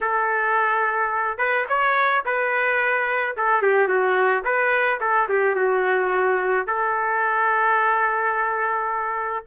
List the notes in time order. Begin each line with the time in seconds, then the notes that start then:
0.00 A4
1.37 B4
1.68 C#5
2.25 B4
3.36 A4
3.62 G4
3.88 F#4
4.44 B4
5.00 A4
5.28 G4
5.55 F#4
6.66 A4